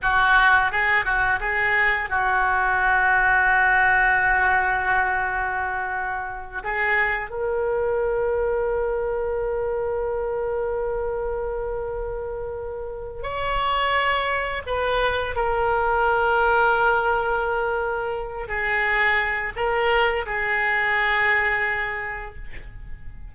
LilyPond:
\new Staff \with { instrumentName = "oboe" } { \time 4/4 \tempo 4 = 86 fis'4 gis'8 fis'8 gis'4 fis'4~ | fis'1~ | fis'4. gis'4 ais'4.~ | ais'1~ |
ais'2. cis''4~ | cis''4 b'4 ais'2~ | ais'2~ ais'8 gis'4. | ais'4 gis'2. | }